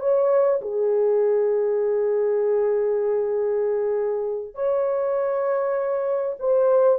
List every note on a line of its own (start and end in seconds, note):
0.00 0.61 C#5
0.62 4.55 G#4
4.55 6.37 C#5
6.39 6.99 C5